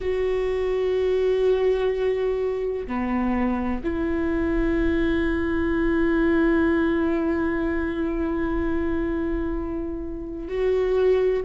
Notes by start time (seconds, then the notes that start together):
0.00 F#4
2.87 B3
3.84 E4
10.48 F#4